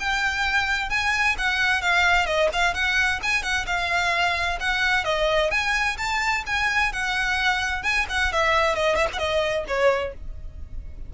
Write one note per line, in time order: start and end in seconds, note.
0.00 0.90 G5
0.90 1.36 G#5
1.38 1.82 F#5
1.82 2.26 F5
2.26 2.49 D#5
2.53 2.74 F5
2.74 3.20 F#5
3.23 3.43 G#5
3.43 3.66 F#5
3.67 4.59 F5
4.60 5.05 F#5
5.05 5.51 D#5
5.51 5.97 G#5
5.98 6.44 A5
6.47 6.93 G#5
6.93 7.83 F#5
7.83 8.06 G#5
8.10 8.32 F#5
8.32 8.75 E5
8.75 8.96 D#5
8.96 9.07 E5
9.13 9.65 D#5
9.13 9.19 F#5
9.68 10.14 C#5